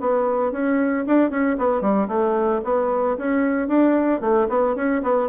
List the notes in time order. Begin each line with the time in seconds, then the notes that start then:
0.00 B3
0.51 C#4
1.06 D4
1.30 C#4
1.58 B3
1.81 G3
2.08 A3
2.64 B3
3.17 C#4
3.68 D4
4.20 A3
4.48 B3
4.75 C#4
5.02 B3